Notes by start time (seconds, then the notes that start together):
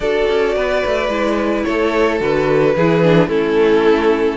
0.00 D4 F#4 A4 D5
0.29 C#4
0.55 B3 B4
0.85 A3
1.08 G#3 E4
1.63 A3 A4 C#5
2.19 D3 F#4 B4
2.75 E3 E4 G#4
3.02 D4
3.27 A3 C#4 E4 A4